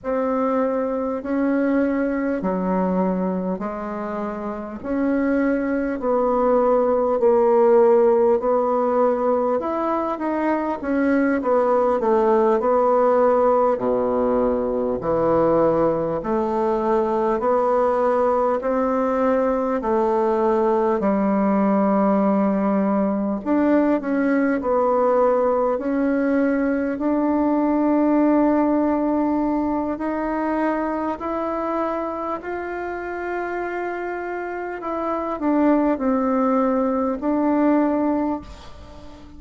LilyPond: \new Staff \with { instrumentName = "bassoon" } { \time 4/4 \tempo 4 = 50 c'4 cis'4 fis4 gis4 | cis'4 b4 ais4 b4 | e'8 dis'8 cis'8 b8 a8 b4 b,8~ | b,8 e4 a4 b4 c'8~ |
c'8 a4 g2 d'8 | cis'8 b4 cis'4 d'4.~ | d'4 dis'4 e'4 f'4~ | f'4 e'8 d'8 c'4 d'4 | }